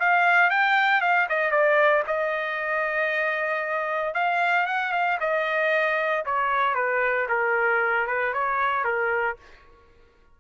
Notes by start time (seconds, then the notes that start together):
0.00 F5
0.51 G5
1.01 F5
1.29 D#5
1.51 D5
2.07 D#5
4.14 F5
4.66 F#5
4.93 F5
5.21 D#5
6.26 C#5
6.75 B4
7.29 A#4
8.08 B4
8.34 C#5
8.85 A#4